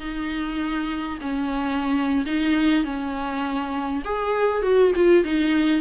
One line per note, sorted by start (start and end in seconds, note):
0.00 1.19 D#4
1.21 2.25 C#4
2.26 2.84 D#4
2.84 4.03 C#4
4.05 4.62 G#4
4.62 4.92 F#4
4.95 5.24 F4
5.24 5.81 D#4